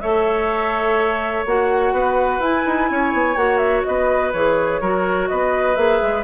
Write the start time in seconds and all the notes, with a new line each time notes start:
0.00 A3 A4 C#5 E5
1.45 A#3 F#4 F#5
1.92 B3 B4
2.39 E4 G#5
2.66 D#4
2.90 C#4 C#5
3.13 B3
3.36 A#3 F#4 F#5
3.57 E5
3.84 B3 B4 D#5
4.33 E3 G#4 C#5
4.81 F#3 F#4 A#4
5.28 B3 B4 D#5
5.75 A#3 G#4 E5
6.02 G#3